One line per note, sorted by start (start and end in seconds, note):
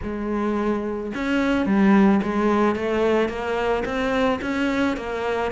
0.03 1.13 G#3
1.14 1.65 C#4
1.65 2.20 G3
2.22 2.75 G#3
2.75 3.28 A3
3.28 3.83 A#3
3.85 4.40 C4
4.41 4.96 C#4
4.97 5.51 A#3